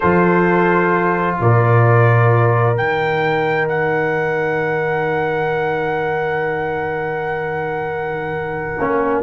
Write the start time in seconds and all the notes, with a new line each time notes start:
0.00 F3 F4 A4 C5
1.40 A#2 A#4 D5
2.74 D#3 D#4 G5
3.68 F#5
8.77 A#3 C#4